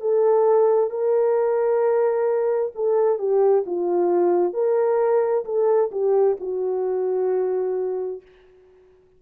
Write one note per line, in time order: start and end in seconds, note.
0.00 0.90 A4
0.90 2.72 A#4
2.75 3.18 A4
3.18 3.64 G4
3.66 4.53 F4
4.53 5.44 A#4
5.45 5.90 A4
5.91 6.36 G4
6.40 8.21 F#4